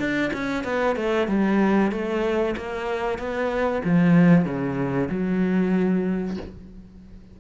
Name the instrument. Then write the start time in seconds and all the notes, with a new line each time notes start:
cello
0.00 D4
0.34 C#4
0.65 B3
0.96 A3
1.28 G3
1.92 A3
2.57 A#3
3.19 B3
3.85 F3
4.45 C#3
5.09 F#3